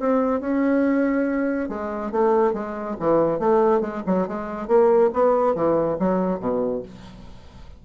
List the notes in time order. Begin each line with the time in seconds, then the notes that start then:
0.00 C4
0.41 C#4
1.69 G#3
2.12 A3
2.54 G#3
3.00 E3
3.40 A3
3.81 G#3
4.07 F#3
4.28 G#3
4.68 A#3
5.14 B3
5.55 E3
6.00 F#3
6.40 B2